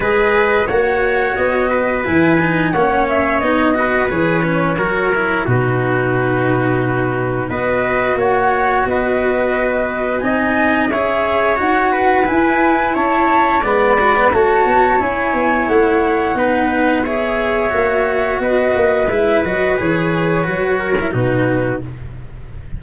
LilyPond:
<<
  \new Staff \with { instrumentName = "flute" } { \time 4/4 \tempo 4 = 88 dis''4 fis''4 dis''4 gis''4 | fis''8 e''8 dis''4 cis''2 | b'2. dis''4 | fis''4 dis''2 gis''4 |
e''4 fis''4 gis''4 a''4 | b''4 a''4 gis''4 fis''4~ | fis''4 e''2 dis''4 | e''8 dis''8 cis''2 b'4 | }
  \new Staff \with { instrumentName = "trumpet" } { \time 4/4 b'4 cis''4. b'4. | cis''4. b'4. ais'4 | fis'2. b'4 | cis''4 b'2 dis''4 |
cis''4. b'4. cis''4 | d''4 cis''2. | b'4 cis''2 b'4~ | b'2~ b'8 ais'8 fis'4 | }
  \new Staff \with { instrumentName = "cello" } { \time 4/4 gis'4 fis'2 e'8 dis'8 | cis'4 dis'8 fis'8 gis'8 cis'8 fis'8 e'8 | dis'2. fis'4~ | fis'2. dis'4 |
gis'4 fis'4 e'2 | b8 fis'16 b16 fis'4 e'2 | dis'4 gis'4 fis'2 | e'8 fis'8 gis'4 fis'8. e'16 dis'4 | }
  \new Staff \with { instrumentName = "tuba" } { \time 4/4 gis4 ais4 b4 e4 | ais4 b4 e4 fis4 | b,2. b4 | ais4 b2 c'4 |
cis'4 dis'4 e'4 cis'4 | gis4 a8 b8 cis'8 b8 a4 | b2 ais4 b8 ais8 | gis8 fis8 e4 fis4 b,4 | }
>>